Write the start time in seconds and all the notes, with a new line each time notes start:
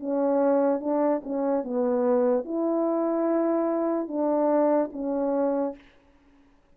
0.00 C#4
0.81 D4
1.24 C#4
1.64 B3
2.45 E4
4.08 D4
4.93 C#4